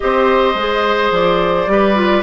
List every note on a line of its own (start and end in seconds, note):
0.00 0.54 C4
0.00 0.55 G4
0.00 1.71 C5
0.00 1.12 D#5
0.54 1.10 G#3
0.54 1.67 G#4
1.11 1.67 F3
1.11 2.22 D5
1.67 2.22 G3
1.67 1.95 G4
1.67 2.22 B4
1.95 2.22 F4